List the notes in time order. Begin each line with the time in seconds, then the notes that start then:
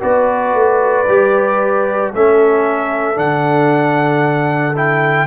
0.00 B3 F#4 B4 D5
0.54 A3
1.08 G3 G4
2.14 A3 C#4 A4 E5
3.15 D3 D4 F#5
4.76 E4 G5